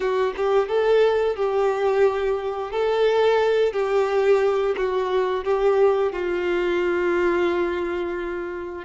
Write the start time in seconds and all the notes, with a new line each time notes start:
0.00 F#4
0.36 G4
0.68 A4
1.35 G4
2.71 A4
3.73 G4
4.76 F#4
5.44 G4
6.12 F4